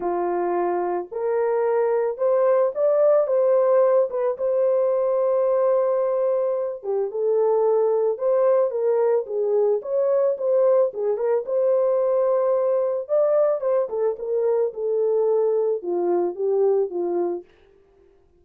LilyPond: \new Staff \with { instrumentName = "horn" } { \time 4/4 \tempo 4 = 110 f'2 ais'2 | c''4 d''4 c''4. b'8 | c''1~ | c''8 g'8 a'2 c''4 |
ais'4 gis'4 cis''4 c''4 | gis'8 ais'8 c''2. | d''4 c''8 a'8 ais'4 a'4~ | a'4 f'4 g'4 f'4 | }